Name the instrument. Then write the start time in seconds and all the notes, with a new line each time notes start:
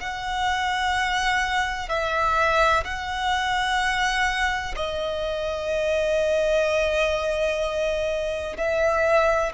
violin
0.00 F#5
1.89 E5
2.84 F#5
4.76 D#5
8.57 E5